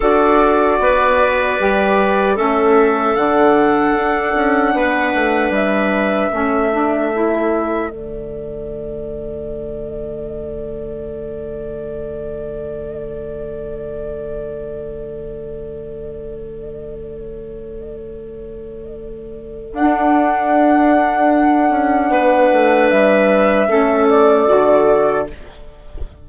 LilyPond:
<<
  \new Staff \with { instrumentName = "flute" } { \time 4/4 \tempo 4 = 76 d''2. e''4 | fis''2. e''4~ | e''2 d''2~ | d''1~ |
d''1~ | d''1~ | d''4 fis''2.~ | fis''4 e''4. d''4. | }
  \new Staff \with { instrumentName = "clarinet" } { \time 4/4 a'4 b'2 a'4~ | a'2 b'2 | a'1~ | a'1~ |
a'1~ | a'1~ | a'1 | b'2 a'2 | }
  \new Staff \with { instrumentName = "saxophone" } { \time 4/4 fis'2 g'4 cis'4 | d'1 | cis'8 d'8 e'4 a2~ | a1~ |
a1~ | a1~ | a4 d'2.~ | d'2 cis'4 fis'4 | }
  \new Staff \with { instrumentName = "bassoon" } { \time 4/4 d'4 b4 g4 a4 | d4 d'8 cis'8 b8 a8 g4 | a2 d2~ | d1~ |
d1~ | d1~ | d4 d'2~ d'8 cis'8 | b8 a8 g4 a4 d4 | }
>>